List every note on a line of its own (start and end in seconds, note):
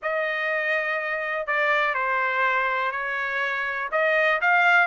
0.02 1.47 D#5
1.47 1.94 D5
1.94 2.91 C5
2.91 3.89 C#5
3.91 4.40 D#5
4.41 4.87 F5